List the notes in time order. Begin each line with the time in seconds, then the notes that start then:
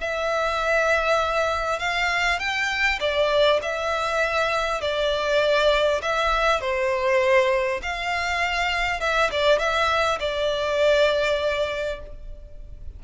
0.00 E5
1.79 F5
2.39 G5
3.00 D5
3.62 E5
4.81 D5
6.02 E5
6.60 C5
7.82 F5
9.00 E5
9.31 D5
9.58 E5
10.19 D5